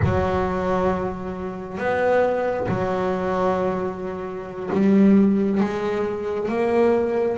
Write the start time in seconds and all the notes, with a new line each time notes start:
0.04 F#3
1.77 B3
2.68 F#3
4.72 G3
5.60 G#3
6.48 A#3